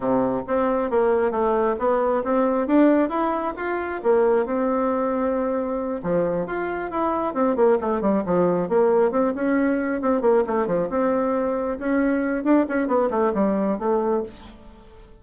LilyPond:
\new Staff \with { instrumentName = "bassoon" } { \time 4/4 \tempo 4 = 135 c4 c'4 ais4 a4 | b4 c'4 d'4 e'4 | f'4 ais4 c'2~ | c'4. f4 f'4 e'8~ |
e'8 c'8 ais8 a8 g8 f4 ais8~ | ais8 c'8 cis'4. c'8 ais8 a8 | f8 c'2 cis'4. | d'8 cis'8 b8 a8 g4 a4 | }